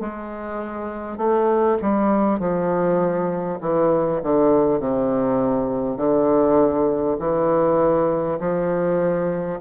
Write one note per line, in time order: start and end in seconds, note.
0.00 1.17 G#3
1.17 1.77 A3
1.82 2.39 G3
2.39 3.59 F3
3.61 4.21 E3
4.23 4.79 D3
4.79 5.97 C3
5.97 7.17 D3
7.19 8.39 E3
8.39 9.59 F3